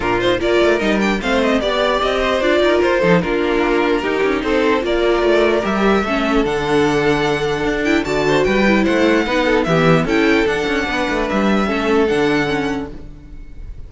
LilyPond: <<
  \new Staff \with { instrumentName = "violin" } { \time 4/4 \tempo 4 = 149 ais'8 c''8 d''4 dis''8 g''8 f''8 dis''8 | d''4 dis''4 d''4 c''4 | ais'2. c''4 | d''2 e''2 |
fis''2.~ fis''8 g''8 | a''4 g''4 fis''2 | e''4 g''4 fis''2 | e''2 fis''2 | }
  \new Staff \with { instrumentName = "violin" } { \time 4/4 f'4 ais'2 c''4 | d''4. c''4 ais'4 a'8 | f'2 g'4 a'4 | ais'2. a'4~ |
a'1 | d''8 c''8 b'4 c''4 b'8 a'8 | g'4 a'2 b'4~ | b'4 a'2. | }
  \new Staff \with { instrumentName = "viola" } { \time 4/4 d'8 dis'8 f'4 dis'8 d'8 c'4 | g'2 f'4. dis'8 | d'2 dis'2 | f'2 g'4 cis'4 |
d'2.~ d'8 e'8 | fis'4. e'4. dis'4 | b4 e'4 d'2~ | d'4 cis'4 d'4 cis'4 | }
  \new Staff \with { instrumentName = "cello" } { \time 4/4 ais,4 ais8 a8 g4 a4 | b4 c'4 d'8 dis'8 f'8 f8 | ais2 dis'8 cis'8 c'4 | ais4 a4 g4 a4 |
d2. d'4 | d4 g4 a4 b4 | e4 cis'4 d'8 cis'8 b8 a8 | g4 a4 d2 | }
>>